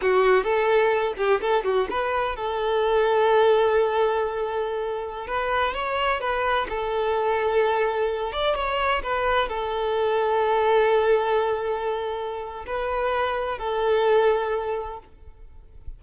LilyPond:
\new Staff \with { instrumentName = "violin" } { \time 4/4 \tempo 4 = 128 fis'4 a'4. g'8 a'8 fis'8 | b'4 a'2.~ | a'2.~ a'16 b'8.~ | b'16 cis''4 b'4 a'4.~ a'16~ |
a'4.~ a'16 d''8 cis''4 b'8.~ | b'16 a'2.~ a'8.~ | a'2. b'4~ | b'4 a'2. | }